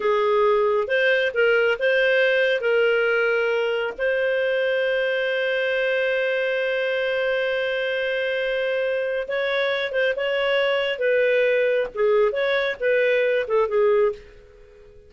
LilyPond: \new Staff \with { instrumentName = "clarinet" } { \time 4/4 \tempo 4 = 136 gis'2 c''4 ais'4 | c''2 ais'2~ | ais'4 c''2.~ | c''1~ |
c''1~ | c''4 cis''4. c''8 cis''4~ | cis''4 b'2 gis'4 | cis''4 b'4. a'8 gis'4 | }